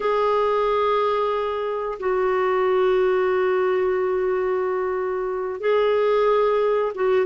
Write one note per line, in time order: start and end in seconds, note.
0.00 1.98 G#4
1.99 5.60 F#4
5.60 6.92 G#4
6.94 7.26 F#4